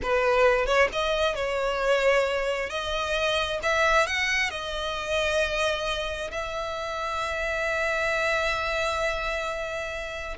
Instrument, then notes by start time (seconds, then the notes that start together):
violin
0.02 B4
0.66 C#5
0.92 D#5
1.35 C#5
2.69 D#5
3.62 E5
4.07 F#5
4.50 D#5
6.31 E5